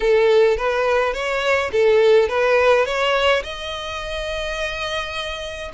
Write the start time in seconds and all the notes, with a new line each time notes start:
0.00 A4
0.57 B4
1.13 C#5
1.72 A4
2.28 B4
2.85 C#5
3.43 D#5